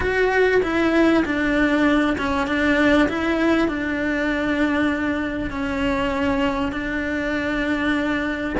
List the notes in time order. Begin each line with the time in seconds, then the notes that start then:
0.00 F#4
0.62 E4
1.25 D4
2.17 C#4
2.47 D4
3.08 E4
3.68 D4
5.50 C#4
6.72 D4